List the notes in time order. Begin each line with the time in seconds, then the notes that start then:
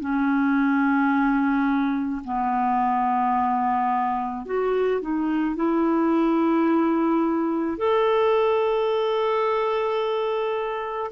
0.00 C#4
2.25 B3
4.46 F#4
5.02 D#4
5.56 E4
7.78 A4